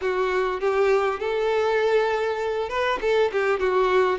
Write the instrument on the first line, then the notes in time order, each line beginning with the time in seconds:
violin
0.01 F#4
0.60 G4
1.19 A4
2.69 B4
3.01 A4
3.31 G4
3.59 F#4